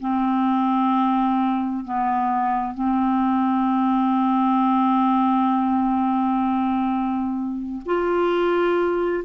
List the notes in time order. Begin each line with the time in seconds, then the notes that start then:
0.00 C4
1.85 B3
2.74 C4
7.86 F4